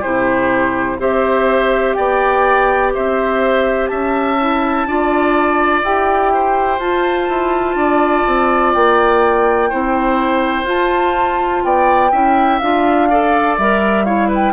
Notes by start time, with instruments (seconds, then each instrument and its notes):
0.00 bassoon C3, clarinet E4, oboe G4, flute C5
0.99 bassoon C4, clarinet G4, oboe C5, flute E5
1.95 bassoon B3, oboe D5, flute G5
2.94 bassoon C4, oboe C5, flute E5
3.87 bassoon C#4, oboe E5, flute A5
4.40 clarinet E4
4.86 bassoon D4, clarinet F4, oboe D5
5.83 bassoon E4, clarinet G4, flute G5
6.34 oboe C5
6.79 bassoon F4, clarinet F4, flute A5
7.29 bassoon E4
7.75 bassoon D4, oboe D5
8.27 bassoon C4
8.74 bassoon A#3, flute G5
9.70 bassoon C4, clarinet E4, oboe C5
10.64 bassoon F4, clarinet F4, flute A5
11.64 bassoon B3, oboe D5, flute G5
12.11 bassoon C#4, clarinet E4, oboe E5
12.59 bassoon D4, clarinet F4, flute F5
13.10 clarinet A4, oboe D5
13.58 bassoon G3, clarinet A#4, flute E5
14.05 clarinet E4, oboe C#5, flute F5
14.28 oboe B4
14.35 flute G5